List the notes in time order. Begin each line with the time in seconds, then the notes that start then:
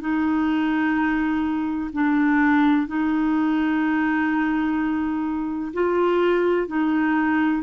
0.00 D#4
1.93 D4
2.87 D#4
5.73 F4
6.68 D#4